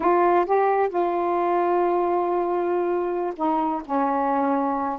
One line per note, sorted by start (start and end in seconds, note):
0.00 0.45 F4
0.45 0.89 G4
0.89 3.33 F4
3.36 3.82 D#4
3.85 4.99 C#4